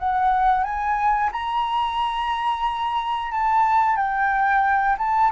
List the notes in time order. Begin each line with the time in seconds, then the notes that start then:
0.00 F#5
0.64 G#5
1.32 A#5
3.32 A5
3.97 G5
4.98 A5